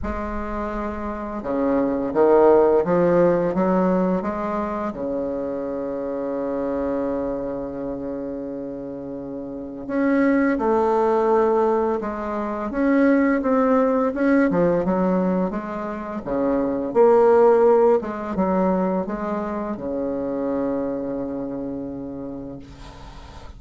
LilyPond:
\new Staff \with { instrumentName = "bassoon" } { \time 4/4 \tempo 4 = 85 gis2 cis4 dis4 | f4 fis4 gis4 cis4~ | cis1~ | cis2 cis'4 a4~ |
a4 gis4 cis'4 c'4 | cis'8 f8 fis4 gis4 cis4 | ais4. gis8 fis4 gis4 | cis1 | }